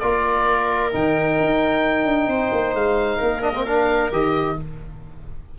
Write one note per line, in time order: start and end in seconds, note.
0.00 0.94 A#3
0.00 0.93 F4
0.00 2.29 A#4
0.00 0.91 D5
0.93 1.40 D#3
0.93 3.42 D#4
0.93 2.76 G5
1.40 2.05 D#4
2.05 2.28 D4
2.28 2.51 C4
2.28 3.18 C5
2.52 2.75 A#3
2.75 3.20 G#3
2.75 3.43 F5
3.18 4.12 A#3
3.18 4.54 A#4
3.42 3.53 D4
3.42 3.65 D#5
3.55 3.67 C4
3.66 4.12 D4
3.66 4.11 F5
4.12 4.58 D#3
4.12 4.58 G4
4.12 4.59 D#5